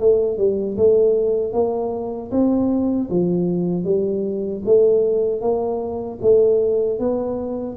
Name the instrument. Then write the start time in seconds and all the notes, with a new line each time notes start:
tuba
0.00 A3
0.38 G3
0.78 A3
1.53 A#3
2.32 C4
3.11 F3
3.85 G3
4.65 A3
5.42 A#3
6.22 A3
7.00 B3